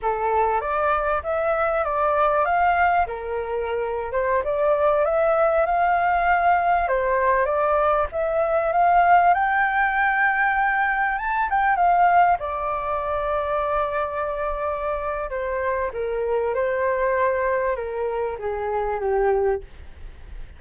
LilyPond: \new Staff \with { instrumentName = "flute" } { \time 4/4 \tempo 4 = 98 a'4 d''4 e''4 d''4 | f''4 ais'4.~ ais'16 c''8 d''8.~ | d''16 e''4 f''2 c''8.~ | c''16 d''4 e''4 f''4 g''8.~ |
g''2~ g''16 a''8 g''8 f''8.~ | f''16 d''2.~ d''8.~ | d''4 c''4 ais'4 c''4~ | c''4 ais'4 gis'4 g'4 | }